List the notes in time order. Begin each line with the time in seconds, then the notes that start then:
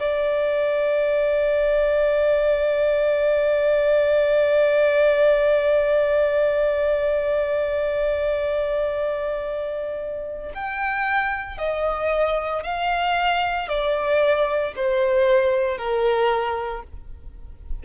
0.00 D5
10.55 G5
11.58 D#5
12.64 F5
13.69 D5
14.77 C5
15.78 A#4